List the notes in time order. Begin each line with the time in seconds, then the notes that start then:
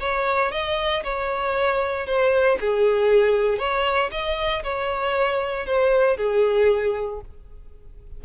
0.00 C#5
0.51 D#5
1.04 C#5
2.07 C5
2.60 G#4
3.59 C#5
4.11 D#5
4.64 C#5
5.66 C5
6.17 G#4